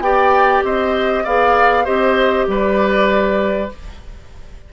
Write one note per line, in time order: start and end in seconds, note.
0.00 0.61 B3
0.00 1.25 G4
0.00 0.65 D5
0.00 0.63 G5
0.63 1.24 C4
0.63 1.23 C5
0.63 1.26 D#5
1.23 1.87 B3
1.23 1.85 G#4
1.23 1.84 D5
1.23 1.85 F5
1.84 2.47 C4
1.84 3.69 G4
1.84 2.46 C5
1.84 2.47 D#5
2.47 3.70 G3
2.47 3.73 B4
2.47 3.71 D5